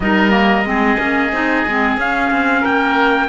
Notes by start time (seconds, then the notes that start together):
0.00 G3 D#4 A#4 D#5
0.30 A#3
0.64 G#3 C4 G#4
0.98 A#3 C#4
1.32 C4 D#4
1.66 G#3 C4
1.97 C#4 F5
2.30 C4
2.61 A#3 A#4 G5